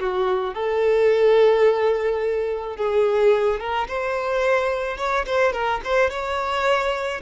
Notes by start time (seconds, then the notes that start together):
0.00 F#4
0.55 A4
2.77 G#4
3.60 A#4
3.88 C5
4.98 C#5
5.27 C5
5.53 A#4
5.85 C5
6.10 C#5